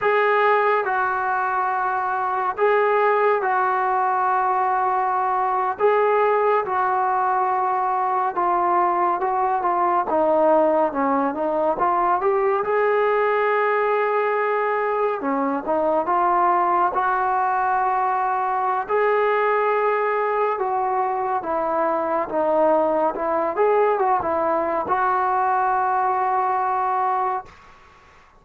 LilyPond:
\new Staff \with { instrumentName = "trombone" } { \time 4/4 \tempo 4 = 70 gis'4 fis'2 gis'4 | fis'2~ fis'8. gis'4 fis'16~ | fis'4.~ fis'16 f'4 fis'8 f'8 dis'16~ | dis'8. cis'8 dis'8 f'8 g'8 gis'4~ gis'16~ |
gis'4.~ gis'16 cis'8 dis'8 f'4 fis'16~ | fis'2 gis'2 | fis'4 e'4 dis'4 e'8 gis'8 | fis'16 e'8. fis'2. | }